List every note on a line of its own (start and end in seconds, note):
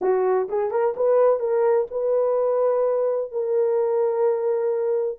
0.01 0.48 F#4
0.49 0.71 G#4
0.71 0.94 A#4
0.96 1.39 B4
1.39 1.86 A#4
1.90 3.31 B4
3.31 5.18 A#4